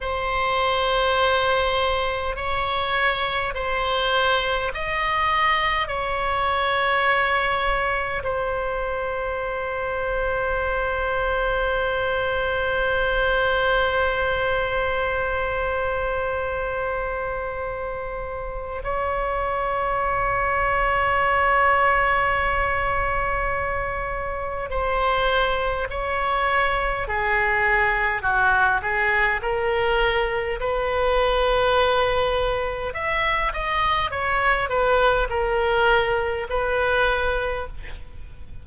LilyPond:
\new Staff \with { instrumentName = "oboe" } { \time 4/4 \tempo 4 = 51 c''2 cis''4 c''4 | dis''4 cis''2 c''4~ | c''1~ | c''1 |
cis''1~ | cis''4 c''4 cis''4 gis'4 | fis'8 gis'8 ais'4 b'2 | e''8 dis''8 cis''8 b'8 ais'4 b'4 | }